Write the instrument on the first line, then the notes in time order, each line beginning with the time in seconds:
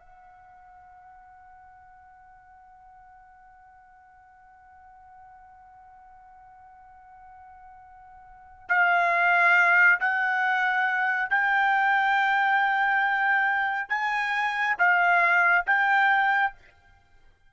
trumpet
0.00 F#5
8.69 F5
10.00 F#5
11.30 G5
13.90 G#5
14.79 F5
15.67 G5